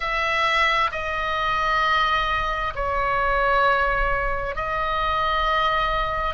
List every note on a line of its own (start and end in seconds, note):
0.00 0.90 E5
0.91 2.73 D#5
2.75 4.55 C#5
4.55 6.34 D#5